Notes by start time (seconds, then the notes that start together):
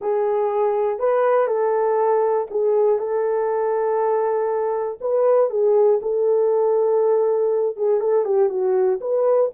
0.01 G#4
0.99 B4
1.47 A4
2.50 G#4
2.99 A4
5.00 B4
5.50 G#4
6.02 A4
7.76 G#4
8.00 A4
8.24 G4
8.49 F#4
9.00 B4